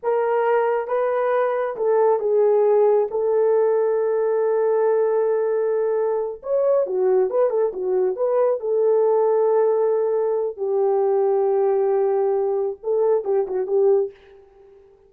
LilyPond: \new Staff \with { instrumentName = "horn" } { \time 4/4 \tempo 4 = 136 ais'2 b'2 | a'4 gis'2 a'4~ | a'1~ | a'2~ a'8 cis''4 fis'8~ |
fis'8 b'8 a'8 fis'4 b'4 a'8~ | a'1 | g'1~ | g'4 a'4 g'8 fis'8 g'4 | }